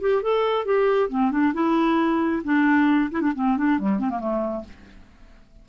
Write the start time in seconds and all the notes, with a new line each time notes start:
0.00 G4
0.22 A4
0.65 G4
1.09 C4
1.31 D4
1.53 E4
2.43 D4
3.11 E4
3.21 D4
3.35 C4
3.57 D4
3.78 G3
3.99 C4
4.10 A#3
4.19 A3